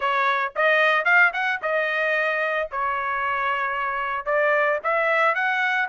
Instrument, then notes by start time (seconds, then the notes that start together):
trumpet
0.00 C#5
0.55 D#5
1.04 F5
1.33 F#5
1.62 D#5
2.71 C#5
4.25 D5
4.83 E5
5.34 F#5